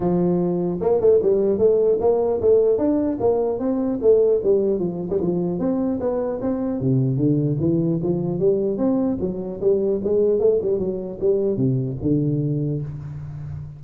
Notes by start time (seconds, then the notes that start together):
0.00 F3
0.81 A#3
1.00 A3
1.22 G3
1.58 A3
2.00 A#3
2.41 A3
2.77 D4
3.20 A#3
3.59 C4
4.01 A3
4.43 G3
4.79 F3
5.10 G3
5.20 F3
5.59 C4
5.99 B3
6.41 C4
6.79 C3
7.16 D3
7.60 E3
8.02 F3
8.39 G3
8.77 C4
9.20 F#3
9.61 G3
10.03 G#3
10.39 A3
10.61 G3
10.79 F#3
11.20 G3
11.56 C3
12.01 D3